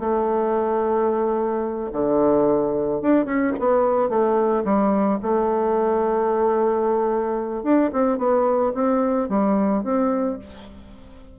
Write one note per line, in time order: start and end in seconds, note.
0.00 1.91 A3
1.93 3.02 D3
3.02 3.26 D4
3.26 3.53 C#4
3.60 4.10 B3
4.10 4.64 A3
4.65 5.20 G3
5.23 7.64 A3
7.64 7.91 D4
7.93 8.19 C4
8.19 8.73 B3
8.75 9.30 C4
9.30 9.84 G3
9.84 10.39 C4